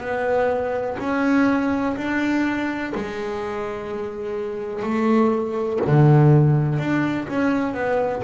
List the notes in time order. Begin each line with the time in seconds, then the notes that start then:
0.00 B3
0.99 C#4
1.96 D4
2.95 G#3
4.83 A3
5.86 D3
6.79 D4
7.28 C#4
7.74 B3